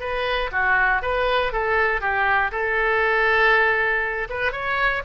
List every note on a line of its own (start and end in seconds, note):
0.00 0.50 B4
0.52 1.02 F#4
1.02 1.52 B4
1.53 2.01 A4
2.01 2.51 G4
2.52 4.28 A4
4.30 4.52 B4
4.52 5.03 C#5